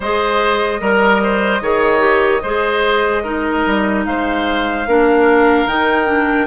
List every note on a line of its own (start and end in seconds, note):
0.00 0.80 G#3
0.00 0.79 G#4
0.00 0.80 C5
0.00 4.05 D#5
0.79 1.61 G3
0.79 1.60 A#4
0.79 1.21 A#4
1.23 1.62 C5
1.61 2.42 D#3
1.61 1.99 G#4
1.61 2.42 C#5
1.99 2.39 G4
2.42 3.64 G#3
2.42 3.23 G#4
2.42 3.23 C5
3.23 4.86 D#4
3.23 4.04 A#4
3.66 4.05 G3
4.05 4.86 G#3
4.05 4.88 C5
4.05 5.67 F5
4.86 5.66 A#3
4.86 5.68 D4
4.86 6.47 A#4
5.66 6.47 D#3
5.66 6.06 D#4
5.66 6.47 G5
6.06 6.47 D4